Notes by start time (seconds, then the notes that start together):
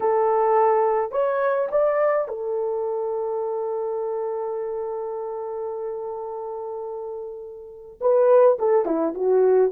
0.00 A4
1.11 C#5
1.71 D5
2.28 A4
8.01 B4
8.58 A4
8.85 E4
9.14 F#4